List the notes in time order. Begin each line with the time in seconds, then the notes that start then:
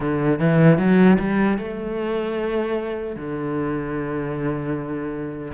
0.00 D3
0.39 E3
0.78 F#3
1.19 G3
1.58 A3
3.16 D3